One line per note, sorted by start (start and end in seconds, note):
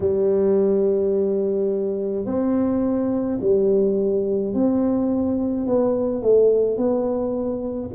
0.00 2.25 G3
2.25 3.39 C4
3.41 4.53 G3
4.53 5.66 C4
5.66 6.22 B3
6.22 6.77 A3
6.77 7.90 B3